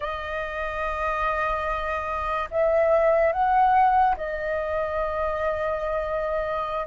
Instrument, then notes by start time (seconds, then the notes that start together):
flute
0.00 D#5
2.50 E5
3.32 F#5
4.17 D#5